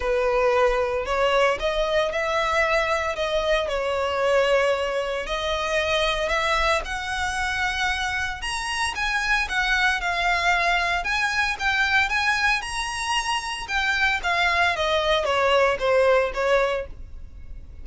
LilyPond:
\new Staff \with { instrumentName = "violin" } { \time 4/4 \tempo 4 = 114 b'2 cis''4 dis''4 | e''2 dis''4 cis''4~ | cis''2 dis''2 | e''4 fis''2. |
ais''4 gis''4 fis''4 f''4~ | f''4 gis''4 g''4 gis''4 | ais''2 g''4 f''4 | dis''4 cis''4 c''4 cis''4 | }